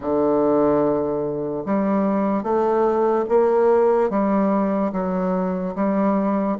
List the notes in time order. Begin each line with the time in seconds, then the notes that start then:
0.00 D3
1.65 G3
2.42 A3
3.28 A#3
4.09 G3
4.92 F#3
5.75 G3